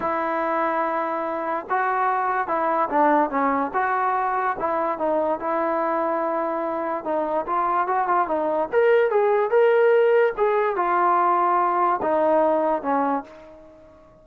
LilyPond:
\new Staff \with { instrumentName = "trombone" } { \time 4/4 \tempo 4 = 145 e'1 | fis'2 e'4 d'4 | cis'4 fis'2 e'4 | dis'4 e'2.~ |
e'4 dis'4 f'4 fis'8 f'8 | dis'4 ais'4 gis'4 ais'4~ | ais'4 gis'4 f'2~ | f'4 dis'2 cis'4 | }